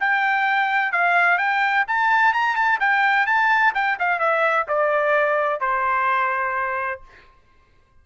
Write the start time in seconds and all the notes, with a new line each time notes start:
0.00 G5
0.92 F5
1.38 G5
1.87 A5
2.33 A#5
2.55 A5
2.80 G5
3.26 A5
3.74 G5
3.99 F5
4.19 E5
4.68 D5
5.60 C5